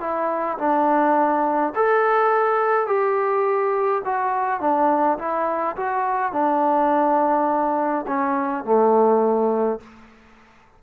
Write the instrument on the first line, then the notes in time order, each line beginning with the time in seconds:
trombone
0.00 E4
0.58 D4
1.75 A4
2.87 G4
4.05 F#4
4.60 D4
5.18 E4
5.76 F#4
6.33 D4
8.07 C#4
8.65 A3